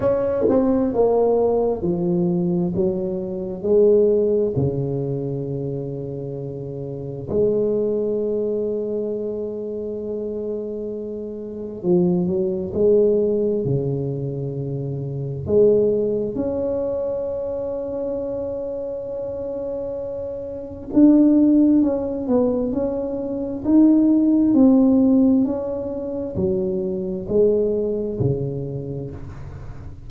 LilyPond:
\new Staff \with { instrumentName = "tuba" } { \time 4/4 \tempo 4 = 66 cis'8 c'8 ais4 f4 fis4 | gis4 cis2. | gis1~ | gis4 f8 fis8 gis4 cis4~ |
cis4 gis4 cis'2~ | cis'2. d'4 | cis'8 b8 cis'4 dis'4 c'4 | cis'4 fis4 gis4 cis4 | }